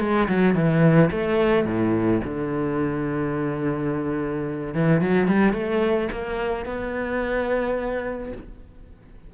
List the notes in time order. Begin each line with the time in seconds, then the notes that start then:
0.00 G#3
0.28 F#3
0.55 E3
1.11 A3
1.66 A2
2.24 D3
4.74 E3
5.01 F#3
5.28 G3
5.53 A3
6.12 A#3
6.65 B3